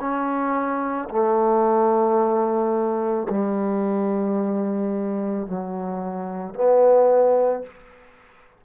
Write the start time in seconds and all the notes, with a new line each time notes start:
0.00 C#4
1.10 A3
3.30 G3
5.47 F#3
6.55 B3